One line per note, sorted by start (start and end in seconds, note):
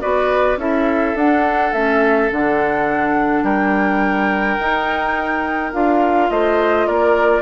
0.00 0.57 B3
0.00 0.57 F#4
0.00 0.58 B4
0.00 0.57 D5
0.57 1.14 C#4
0.57 1.15 E4
0.57 3.44 A4
0.57 1.17 E5
1.14 1.71 D4
1.14 1.74 D4
1.14 1.73 F#5
1.73 2.30 A3
1.73 2.31 C#4
1.73 2.30 E5
2.31 3.43 D3
2.31 4.59 D4
2.31 3.44 F#5
3.43 4.57 G3
3.43 6.29 A#4
3.43 5.72 G5
4.59 5.73 D#4
4.59 5.72 D#4
5.72 6.30 D4
5.72 7.41 F4
5.72 6.30 F5
6.30 6.87 A3
6.30 6.87 C5
6.30 6.87 D#5
6.87 7.41 A#3
6.87 7.41 A#4
6.87 7.41 D5